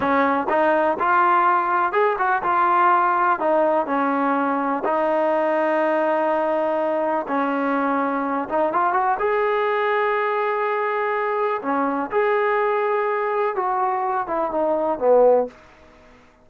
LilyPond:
\new Staff \with { instrumentName = "trombone" } { \time 4/4 \tempo 4 = 124 cis'4 dis'4 f'2 | gis'8 fis'8 f'2 dis'4 | cis'2 dis'2~ | dis'2. cis'4~ |
cis'4. dis'8 f'8 fis'8 gis'4~ | gis'1 | cis'4 gis'2. | fis'4. e'8 dis'4 b4 | }